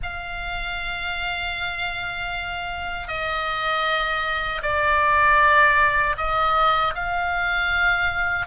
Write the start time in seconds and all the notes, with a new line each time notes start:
0.02 F5
3.08 D#5
4.62 D5
6.17 D#5
6.94 F5